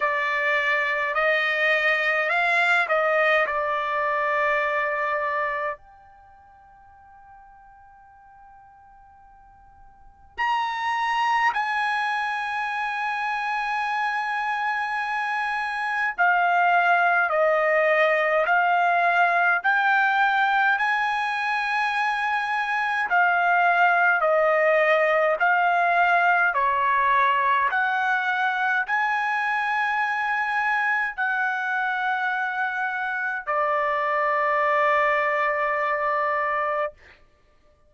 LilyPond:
\new Staff \with { instrumentName = "trumpet" } { \time 4/4 \tempo 4 = 52 d''4 dis''4 f''8 dis''8 d''4~ | d''4 g''2.~ | g''4 ais''4 gis''2~ | gis''2 f''4 dis''4 |
f''4 g''4 gis''2 | f''4 dis''4 f''4 cis''4 | fis''4 gis''2 fis''4~ | fis''4 d''2. | }